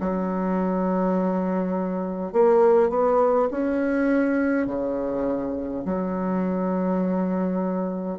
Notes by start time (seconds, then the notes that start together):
0.00 F#3
2.33 A#3
2.90 B3
3.51 C#4
4.67 C#3
5.85 F#3